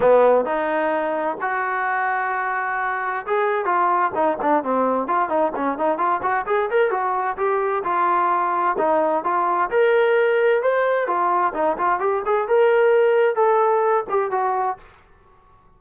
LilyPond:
\new Staff \with { instrumentName = "trombone" } { \time 4/4 \tempo 4 = 130 b4 dis'2 fis'4~ | fis'2. gis'4 | f'4 dis'8 d'8 c'4 f'8 dis'8 | cis'8 dis'8 f'8 fis'8 gis'8 ais'8 fis'4 |
g'4 f'2 dis'4 | f'4 ais'2 c''4 | f'4 dis'8 f'8 g'8 gis'8 ais'4~ | ais'4 a'4. g'8 fis'4 | }